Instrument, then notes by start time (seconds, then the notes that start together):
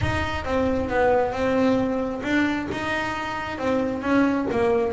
double bass
0.01 D#4
0.44 C4
0.89 B3
1.32 C4
2.23 D4
2.71 D#4
3.58 C4
4.02 C#4
4.51 A#3